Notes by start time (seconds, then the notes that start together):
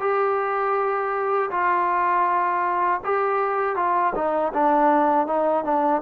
0.00 G4
1.51 F4
3.04 G4
3.76 F4
4.15 D#4
4.54 D4
5.27 D#4
5.64 D4